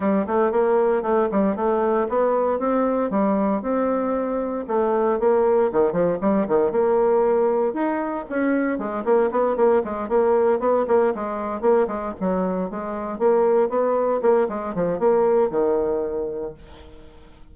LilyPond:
\new Staff \with { instrumentName = "bassoon" } { \time 4/4 \tempo 4 = 116 g8 a8 ais4 a8 g8 a4 | b4 c'4 g4 c'4~ | c'4 a4 ais4 dis8 f8 | g8 dis8 ais2 dis'4 |
cis'4 gis8 ais8 b8 ais8 gis8 ais8~ | ais8 b8 ais8 gis4 ais8 gis8 fis8~ | fis8 gis4 ais4 b4 ais8 | gis8 f8 ais4 dis2 | }